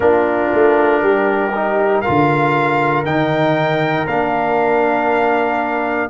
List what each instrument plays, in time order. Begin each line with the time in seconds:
0.00 tuba A#3, trombone D4, horn F4, trumpet A#4
0.53 tuba A3
1.02 tuba G3, horn G4
1.54 trombone D#4
2.01 trombone F4, horn A#4, trumpet F5
2.08 tuba D3
3.05 tuba D#3, trombone D#4, trumpet G5
4.07 tuba A#3, trombone D4, trumpet F5